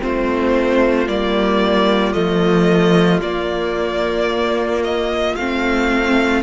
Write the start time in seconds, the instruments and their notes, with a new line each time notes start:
0.00 cello A3, viola C4, violin F4 C5
1.07 cello G3, viola A#3, violin D5
2.13 cello F3, viola A3, violin D#5
3.20 cello A#3, viola A#3, violin D5
4.84 violin D#5
5.35 cello A3, viola C4, violin F5